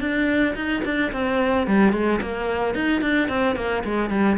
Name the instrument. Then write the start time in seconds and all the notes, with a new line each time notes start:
cello
0.00 D4
0.55 D#4
0.84 D4
1.12 C4
1.67 G3
1.93 G#3
2.22 A#3
2.74 D#4
3.01 D4
3.29 C4
3.56 A#3
3.84 G#3
4.10 G3